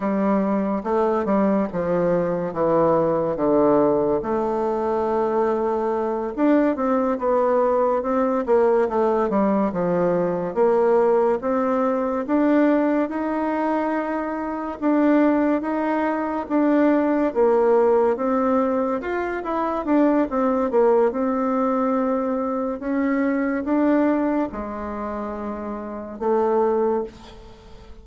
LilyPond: \new Staff \with { instrumentName = "bassoon" } { \time 4/4 \tempo 4 = 71 g4 a8 g8 f4 e4 | d4 a2~ a8 d'8 | c'8 b4 c'8 ais8 a8 g8 f8~ | f8 ais4 c'4 d'4 dis'8~ |
dis'4. d'4 dis'4 d'8~ | d'8 ais4 c'4 f'8 e'8 d'8 | c'8 ais8 c'2 cis'4 | d'4 gis2 a4 | }